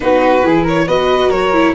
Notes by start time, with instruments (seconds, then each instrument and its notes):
0.00 tuba B3, viola D#4, flute F#4, violin B4
0.42 tuba E3, viola E4, flute G#4
0.63 flute A#4, violin C#5
0.87 tuba B3, viola F#4, flute B4, violin D#5
1.29 tuba F#3, flute A#4, violin C#5
1.53 viola E4